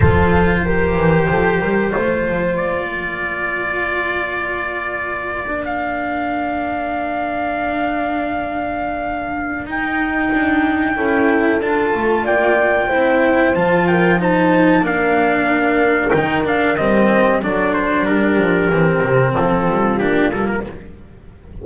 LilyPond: <<
  \new Staff \with { instrumentName = "trumpet" } { \time 4/4 \tempo 4 = 93 c''1 | d''1~ | d''8. f''2.~ f''16~ | f''2. g''4~ |
g''2 a''4 g''4~ | g''4 a''8 g''8 a''4 f''4~ | f''4 g''8 f''8 dis''4 d''8 c''8 | ais'2 a'4 g'8 a'16 ais'16 | }
  \new Staff \with { instrumentName = "horn" } { \time 4/4 a'4 ais'4 a'8 ais'8 c''4~ | c''8 ais'2.~ ais'8~ | ais'1~ | ais'1~ |
ais'4 a'2 d''4 | c''4. ais'8 c''4 ais'4~ | ais'2. a'4 | g'2 f'2 | }
  \new Staff \with { instrumentName = "cello" } { \time 4/4 f'4 g'2 f'4~ | f'1~ | f'8 d'2.~ d'8~ | d'2. dis'4~ |
dis'4 e'4 f'2 | e'4 f'4 dis'4 d'4~ | d'4 dis'8 d'8 c'4 d'4~ | d'4 c'2 d'8 ais8 | }
  \new Staff \with { instrumentName = "double bass" } { \time 4/4 f4. e8 f8 g8 a8 f8 | ais1~ | ais1~ | ais2. dis'4 |
d'4 cis'4 d'8 a8 ais4 | c'4 f2 ais4~ | ais4 dis4 g4 fis4 | g8 f8 e8 c8 f8 g8 ais8 g8 | }
>>